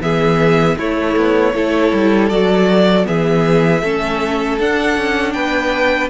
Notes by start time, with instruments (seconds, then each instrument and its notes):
0.00 cello E3, viola B3, violin G#4 E5
0.78 cello A3, viola A3, violin E4 C#5
1.16 cello B3
1.54 cello A3, viola E4, violin A4
1.93 cello G3
2.29 cello F#3, viola F#4, violin D5
3.04 cello E3, viola B3, violin G#4 E5
3.82 cello A3, viola C#4, violin A4
4.59 viola D4, cello D4, violin F#5
4.97 cello C#4
5.32 cello B3, violin B4 G5